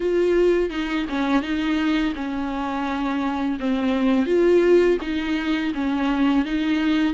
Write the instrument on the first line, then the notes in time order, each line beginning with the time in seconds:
viola
0.00 F4
0.70 D#4
1.09 C#4
1.42 D#4
2.15 C#4
3.59 C4
4.26 F4
5.01 D#4
5.74 C#4
6.45 D#4